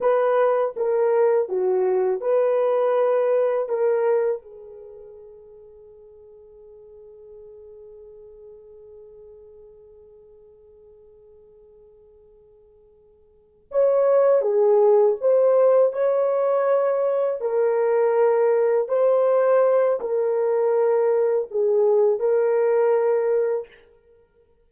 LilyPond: \new Staff \with { instrumentName = "horn" } { \time 4/4 \tempo 4 = 81 b'4 ais'4 fis'4 b'4~ | b'4 ais'4 gis'2~ | gis'1~ | gis'1~ |
gis'2~ gis'8 cis''4 gis'8~ | gis'8 c''4 cis''2 ais'8~ | ais'4. c''4. ais'4~ | ais'4 gis'4 ais'2 | }